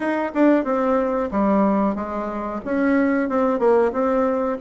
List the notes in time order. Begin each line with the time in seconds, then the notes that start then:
0.00 D#4
0.34 D4
0.64 C4
1.31 G3
1.95 G#3
2.64 C#4
3.29 C4
3.59 A#3
3.92 C4